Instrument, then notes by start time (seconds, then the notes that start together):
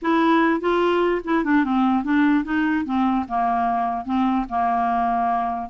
clarinet
0.01 E4
0.60 F4
1.24 E4
1.44 D4
1.64 C4
2.04 D4
2.44 D#4
2.85 C4
3.28 A#3
4.05 C4
4.49 A#3